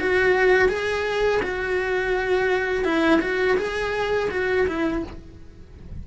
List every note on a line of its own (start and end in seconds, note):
0.00 0.69 F#4
0.69 1.41 G#4
1.43 2.85 F#4
2.85 3.21 E4
3.21 3.58 F#4
3.58 4.30 G#4
4.31 4.67 F#4
4.68 5.04 E4